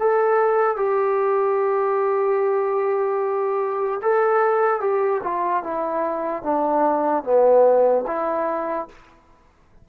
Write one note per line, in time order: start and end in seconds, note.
0.00 0.77 A4
0.77 4.01 G4
4.03 4.81 A4
4.81 5.21 G4
5.24 5.64 F4
5.64 6.43 E4
6.43 7.24 D4
7.24 8.05 B3
8.07 8.89 E4